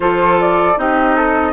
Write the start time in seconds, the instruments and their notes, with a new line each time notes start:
0.00 bassoon F3, clarinet F4, flute A4 C5
0.40 flute D5
0.76 bassoon C4, clarinet D#4, flute G4 D#5
1.15 flute A4